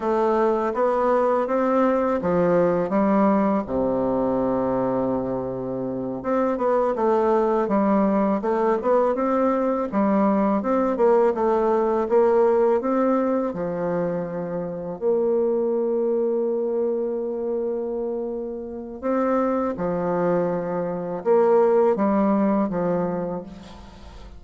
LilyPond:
\new Staff \with { instrumentName = "bassoon" } { \time 4/4 \tempo 4 = 82 a4 b4 c'4 f4 | g4 c2.~ | c8 c'8 b8 a4 g4 a8 | b8 c'4 g4 c'8 ais8 a8~ |
a8 ais4 c'4 f4.~ | f8 ais2.~ ais8~ | ais2 c'4 f4~ | f4 ais4 g4 f4 | }